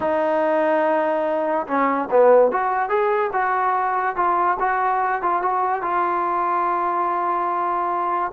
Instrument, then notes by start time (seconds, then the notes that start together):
trombone
0.00 D#4
1.67 C#4
2.10 B3
2.51 F#4
2.89 G#4
3.33 F#4
4.16 F4
4.59 F#4
5.22 F4
5.42 F#4
5.81 F4